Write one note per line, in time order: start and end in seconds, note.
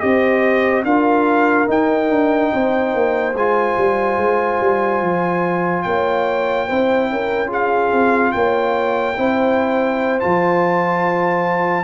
0.00 0.84 C4
0.00 0.84 G4
0.00 0.86 C5
0.00 0.83 D#5
0.84 1.67 D4
0.84 1.67 F4
0.84 2.53 A#4
0.84 1.68 F5
1.67 3.34 D#4
1.67 2.10 D#4
1.67 3.36 G5
2.10 2.51 D4
2.53 2.94 C4
2.53 5.86 C5
2.94 3.34 A#3
3.34 3.76 G#3
3.34 6.69 F4
3.34 5.83 G#5
3.78 4.17 G3
4.17 4.59 G#3
4.60 5.01 G3
5.01 5.85 F3
5.83 6.69 A#3
5.83 6.67 C#5
5.83 7.49 G5
6.67 7.10 C4
6.67 7.47 E4
6.67 7.09 C5
7.10 7.92 C#4
7.10 7.48 A#4
7.47 9.14 F4
7.47 8.32 G#4
7.47 8.32 F5
7.92 8.34 C4
8.32 9.18 A#3
8.32 9.17 C#5
8.32 10.19 G5
9.17 10.22 C4
9.17 10.20 E4
9.17 11.84 C5
10.20 11.84 F3
10.20 11.84 F4
10.20 11.84 A5